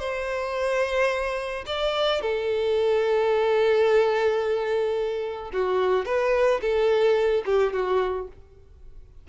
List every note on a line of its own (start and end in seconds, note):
0.00 1.65 C5
1.67 2.22 D5
2.22 5.52 A4
5.53 6.06 F#4
6.06 6.61 B4
6.62 7.44 A4
7.46 7.73 G4
7.73 8.28 F#4